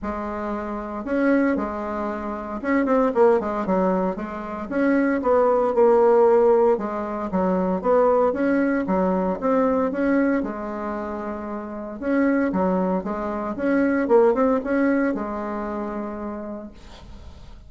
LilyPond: \new Staff \with { instrumentName = "bassoon" } { \time 4/4 \tempo 4 = 115 gis2 cis'4 gis4~ | gis4 cis'8 c'8 ais8 gis8 fis4 | gis4 cis'4 b4 ais4~ | ais4 gis4 fis4 b4 |
cis'4 fis4 c'4 cis'4 | gis2. cis'4 | fis4 gis4 cis'4 ais8 c'8 | cis'4 gis2. | }